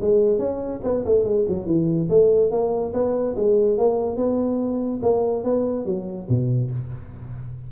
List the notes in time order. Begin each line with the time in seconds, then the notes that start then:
0.00 G#3
0.38 C#4
0.83 B3
1.05 A3
1.24 G#3
1.48 F#3
1.66 E3
2.09 A3
2.50 A#3
2.93 B3
3.35 G#3
3.77 A#3
4.16 B3
5.02 A#3
5.43 B3
5.85 F#3
6.29 B2